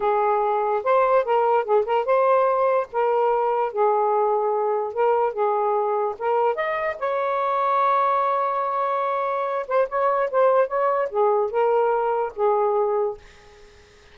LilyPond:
\new Staff \with { instrumentName = "saxophone" } { \time 4/4 \tempo 4 = 146 gis'2 c''4 ais'4 | gis'8 ais'8 c''2 ais'4~ | ais'4 gis'2. | ais'4 gis'2 ais'4 |
dis''4 cis''2.~ | cis''2.~ cis''8 c''8 | cis''4 c''4 cis''4 gis'4 | ais'2 gis'2 | }